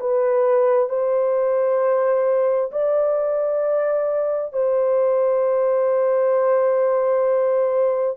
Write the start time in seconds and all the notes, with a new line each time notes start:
0.00 B4
0.89 C5
2.71 D5
4.53 C5